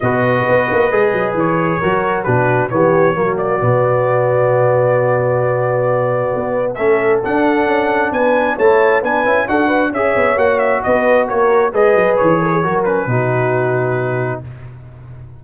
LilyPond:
<<
  \new Staff \with { instrumentName = "trumpet" } { \time 4/4 \tempo 4 = 133 dis''2. cis''4~ | cis''4 b'4 cis''4. d''8~ | d''1~ | d''2. e''4 |
fis''2 gis''4 a''4 | gis''4 fis''4 e''4 fis''8 e''8 | dis''4 cis''4 dis''4 cis''4~ | cis''8 b'2.~ b'8 | }
  \new Staff \with { instrumentName = "horn" } { \time 4/4 b'1 | ais'4 fis'4 g'4 fis'4~ | fis'1~ | fis'2. a'4~ |
a'2 b'4 cis''4 | b'4 a'8 b'8 cis''2 | b'4 ais'4 b'4. ais'16 gis'16 | ais'4 fis'2. | }
  \new Staff \with { instrumentName = "trombone" } { \time 4/4 fis'2 gis'2 | fis'4 d'4 b4 ais4 | b1~ | b2. cis'4 |
d'2. e'4 | d'8 e'8 fis'4 gis'4 fis'4~ | fis'2 gis'2 | fis'8 cis'8 dis'2. | }
  \new Staff \with { instrumentName = "tuba" } { \time 4/4 b,4 b8 ais8 gis8 fis8 e4 | fis4 b,4 e4 fis4 | b,1~ | b,2 b4 a4 |
d'4 cis'4 b4 a4 | b8 cis'8 d'4 cis'8 b8 ais4 | b4 ais4 gis8 fis8 e4 | fis4 b,2. | }
>>